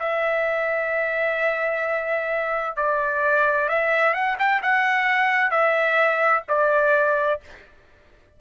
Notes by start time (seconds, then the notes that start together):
0.00 E5
2.77 D5
3.69 E5
4.14 F#5
4.39 G5
4.63 F#5
5.51 E5
6.49 D5